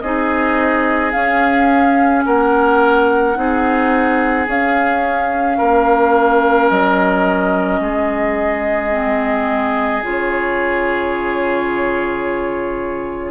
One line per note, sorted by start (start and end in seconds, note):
0.00 1.13 C4
0.00 1.12 D#4
0.00 2.25 G#4
0.00 1.11 D#5
1.12 3.35 C#4
1.12 2.25 C#4
1.12 2.23 F5
2.25 3.36 A#3
2.25 3.37 A#4
2.25 4.48 F#5
3.35 4.47 C4
3.35 4.46 D#4
3.35 5.57 G#4
4.47 5.58 C#4
4.47 8.91 C#4
4.47 6.69 F5
5.57 6.70 A#3
5.57 7.80 A#4
6.69 7.80 F#3
6.69 10.03 D#5
7.80 10.02 G#3
7.80 13.31 G#4
8.91 10.02 C4
10.02 13.31 C#3
10.02 13.31 F4
10.02 13.31 C#5